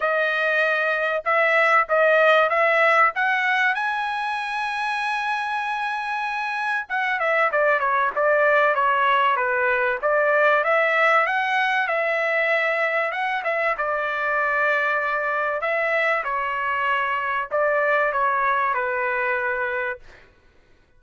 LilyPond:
\new Staff \with { instrumentName = "trumpet" } { \time 4/4 \tempo 4 = 96 dis''2 e''4 dis''4 | e''4 fis''4 gis''2~ | gis''2. fis''8 e''8 | d''8 cis''8 d''4 cis''4 b'4 |
d''4 e''4 fis''4 e''4~ | e''4 fis''8 e''8 d''2~ | d''4 e''4 cis''2 | d''4 cis''4 b'2 | }